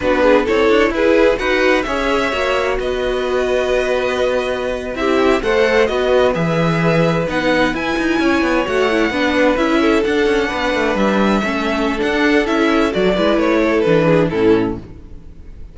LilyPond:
<<
  \new Staff \with { instrumentName = "violin" } { \time 4/4 \tempo 4 = 130 b'4 cis''4 b'4 fis''4 | e''2 dis''2~ | dis''2~ dis''8. e''4 fis''16~ | fis''8. dis''4 e''2 fis''16~ |
fis''8. gis''2 fis''4~ fis''16~ | fis''8. e''4 fis''2 e''16~ | e''2 fis''4 e''4 | d''4 cis''4 b'4 a'4 | }
  \new Staff \with { instrumentName = "violin" } { \time 4/4 fis'8 gis'8 a'4 gis'4 b'4 | cis''2 b'2~ | b'2~ b'8. g'4 c''16~ | c''8. b'2.~ b'16~ |
b'4.~ b'16 cis''2 b'16~ | b'4~ b'16 a'4. b'4~ b'16~ | b'8. a'2.~ a'16~ | a'8 b'4 a'4 gis'8 e'4 | }
  \new Staff \with { instrumentName = "viola" } { \time 4/4 d'4 e'2 fis'4 | gis'4 fis'2.~ | fis'2~ fis'8. e'4 a'16~ | a'8. fis'4 gis'2 dis'16~ |
dis'8. e'2 fis'8 e'8 d'16~ | d'8. e'4 d'2~ d'16~ | d'8. cis'4~ cis'16 d'4 e'4 | fis'8 e'4. d'4 cis'4 | }
  \new Staff \with { instrumentName = "cello" } { \time 4/4 b4 c'8 d'8 e'4 dis'4 | cis'4 ais4 b2~ | b2~ b8. c'4 a16~ | a8. b4 e2 b16~ |
b8. e'8 dis'8 cis'8 b8 a4 b16~ | b8. cis'4 d'8 cis'8 b8 a8 g16~ | g8. a4~ a16 d'4 cis'4 | fis8 gis8 a4 e4 a,4 | }
>>